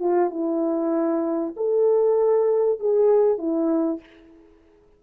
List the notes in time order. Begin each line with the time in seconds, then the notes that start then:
0.00 F4
0.31 E4
1.57 A4
2.80 G#4
3.39 E4